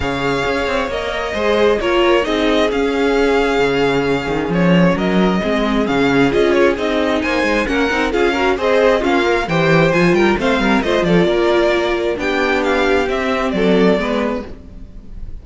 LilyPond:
<<
  \new Staff \with { instrumentName = "violin" } { \time 4/4 \tempo 4 = 133 f''2 dis''2 | cis''4 dis''4 f''2~ | f''2 cis''4 dis''4~ | dis''4 f''4 dis''8 cis''8 dis''4 |
gis''4 fis''4 f''4 dis''4 | f''4 g''4 gis''8 g''8 f''4 | dis''8 d''2~ d''8 g''4 | f''4 e''4 d''2 | }
  \new Staff \with { instrumentName = "violin" } { \time 4/4 cis''2. c''4 | ais'4 gis'2.~ | gis'2. ais'4 | gis'1 |
c''4 ais'4 gis'8 ais'8 c''4 | f'4 c''4. ais'8 c''8 ais'8 | c''8 a'8 ais'2 g'4~ | g'2 a'4 b'4 | }
  \new Staff \with { instrumentName = "viola" } { \time 4/4 gis'2 ais'4 gis'4 | f'4 dis'4 cis'2~ | cis'1 | c'4 cis'4 f'4 dis'4~ |
dis'4 cis'8 dis'8 f'8 fis'8 gis'4 | cis'8 ais'8 g'4 f'4 c'4 | f'2. d'4~ | d'4 c'2 b4 | }
  \new Staff \with { instrumentName = "cello" } { \time 4/4 cis4 cis'8 c'8 ais4 gis4 | ais4 c'4 cis'2 | cis4. dis8 f4 fis4 | gis4 cis4 cis'4 c'4 |
ais8 gis8 ais8 c'8 cis'4 c'4 | ais4 e4 f8 g8 a8 g8 | a8 f8 ais2 b4~ | b4 c'4 fis4 gis4 | }
>>